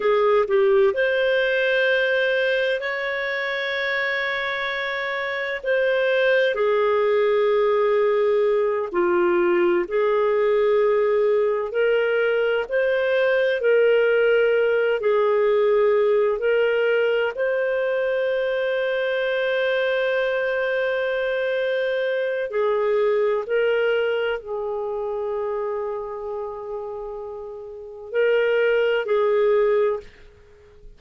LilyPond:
\new Staff \with { instrumentName = "clarinet" } { \time 4/4 \tempo 4 = 64 gis'8 g'8 c''2 cis''4~ | cis''2 c''4 gis'4~ | gis'4. f'4 gis'4.~ | gis'8 ais'4 c''4 ais'4. |
gis'4. ais'4 c''4.~ | c''1 | gis'4 ais'4 gis'2~ | gis'2 ais'4 gis'4 | }